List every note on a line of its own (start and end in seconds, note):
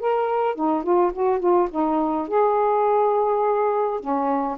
0.00 0.56 A#4
0.56 0.83 D#4
0.83 1.12 F4
1.13 1.40 F#4
1.40 1.69 F4
1.71 2.28 D#4
2.28 4.00 G#4
4.00 4.58 C#4